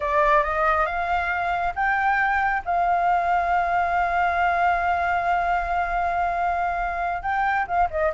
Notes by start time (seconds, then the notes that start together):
0.00 D5
0.43 D#5
0.86 F5
1.75 G5
2.65 F5
7.22 G5
7.67 F5
7.90 D#5